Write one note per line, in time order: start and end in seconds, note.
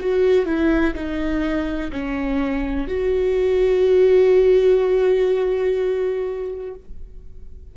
0.00 0.46 F#4
0.46 0.94 E4
0.95 1.91 D#4
1.92 2.88 C#4
2.88 6.75 F#4